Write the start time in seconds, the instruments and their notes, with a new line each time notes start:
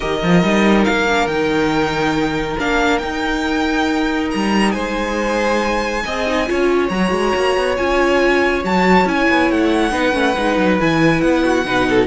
0.00 cello D#3, viola G4, violin A#4 D#5
0.23 cello F3, viola F4
0.42 cello G3, viola D#4
0.84 cello A#3, violin F5
1.08 viola D4
1.26 cello D#3, viola D#4, violin G5
2.58 cello A#3, viola D4, violin F5
2.98 viola D#4, cello D#4, violin G5
4.31 cello G3, violin A#5
4.71 cello G#3, violin C5 G#5
6.05 cello C4, viola G#4, violin D#5
6.26 viola D#4
6.46 cello C#4, viola F4, violin C#5
6.89 cello F#3, viola F#4, violin A#5
7.11 cello G#3
7.35 cello A#3
7.56 cello B3
7.77 cello C#4, viola F4, violin G#5
8.63 cello F#3, viola F#4, violin A5
9.05 cello C#4, viola E4, violin G#5
9.29 cello B3
9.50 cello A3, violin F#5
9.91 cello B3, viola D#4, violin B4
10.12 cello A3, viola C#4
10.37 cello G#3, viola D#4
10.57 cello F#3
10.79 cello E3, viola E4, violin G#5
11.21 cello B3, violin F#5
11.44 violin F#4
11.64 cello B2, viola D#4, violin B4
11.89 violin A4